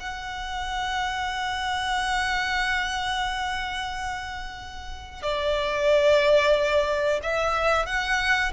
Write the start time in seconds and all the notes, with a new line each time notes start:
0.00 F#5
5.22 D5
7.23 E5
7.86 F#5